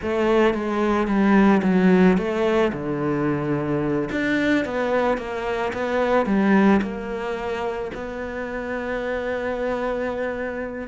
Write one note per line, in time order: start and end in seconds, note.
0.01 0.54 A3
0.54 1.07 G#3
1.07 1.61 G3
1.62 2.17 F#3
2.17 2.71 A3
2.72 4.09 D3
4.11 4.65 D4
4.65 5.17 B3
5.17 5.72 A#3
5.73 6.26 B3
6.26 6.80 G3
6.82 7.91 A#3
7.94 10.88 B3